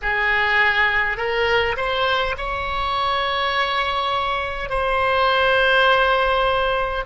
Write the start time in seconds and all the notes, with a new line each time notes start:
0.02 G#4
1.17 A#4
1.76 C5
2.37 C#5
4.69 C5